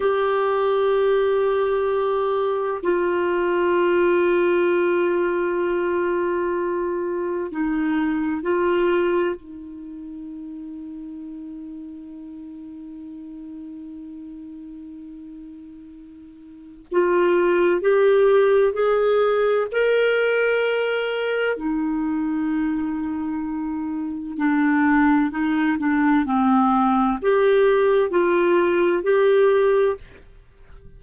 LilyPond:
\new Staff \with { instrumentName = "clarinet" } { \time 4/4 \tempo 4 = 64 g'2. f'4~ | f'1 | dis'4 f'4 dis'2~ | dis'1~ |
dis'2 f'4 g'4 | gis'4 ais'2 dis'4~ | dis'2 d'4 dis'8 d'8 | c'4 g'4 f'4 g'4 | }